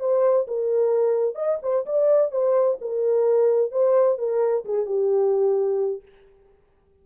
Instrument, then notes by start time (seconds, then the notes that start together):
horn
0.00 C5
0.48 A#4
1.35 D#5
1.62 C5
1.86 D5
2.32 C5
2.81 A#4
3.71 C5
4.18 A#4
4.65 G#4
4.86 G4